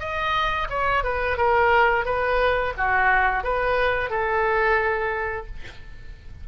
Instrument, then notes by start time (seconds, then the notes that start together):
oboe
0.00 D#5
0.70 C#5
1.04 B4
1.38 A#4
2.05 B4
2.78 F#4
3.44 B4
4.10 A4